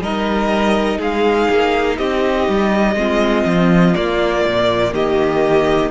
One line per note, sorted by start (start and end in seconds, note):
0.00 0.98 G3
0.00 2.96 D#4
0.00 0.98 A#4
0.00 1.00 D#5
0.98 1.48 G#3
0.98 1.97 G#4
0.98 1.98 F5
1.49 1.98 A#3
1.97 2.48 C4
1.97 2.95 G4
1.97 3.94 D#5
2.48 2.95 G3
2.95 3.44 G#3
2.95 3.94 C4
2.95 4.93 F4
3.45 3.94 F3
3.94 5.90 A#3
3.94 4.45 A#3
3.94 4.93 D5
4.45 4.92 A#2
4.92 5.90 D#3
4.92 5.90 G4
4.92 5.90 D#5